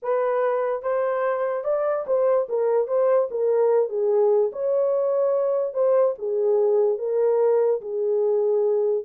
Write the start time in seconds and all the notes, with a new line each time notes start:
0.02 B4
0.82 C5
1.63 D5
2.06 C5
2.48 A#4
2.87 C5
3.31 A#4
3.89 G#4
4.52 C#5
5.73 C5
6.18 G#4
6.98 A#4
7.81 G#4